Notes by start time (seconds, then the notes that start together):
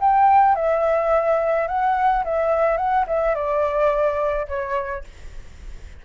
0.00 G5
0.56 E5
1.68 F#5
2.25 E5
2.77 F#5
3.07 E5
3.35 D5
4.48 C#5